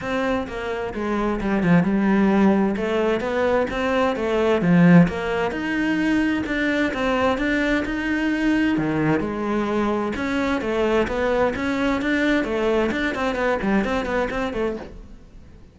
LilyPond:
\new Staff \with { instrumentName = "cello" } { \time 4/4 \tempo 4 = 130 c'4 ais4 gis4 g8 f8 | g2 a4 b4 | c'4 a4 f4 ais4 | dis'2 d'4 c'4 |
d'4 dis'2 dis4 | gis2 cis'4 a4 | b4 cis'4 d'4 a4 | d'8 c'8 b8 g8 c'8 b8 c'8 a8 | }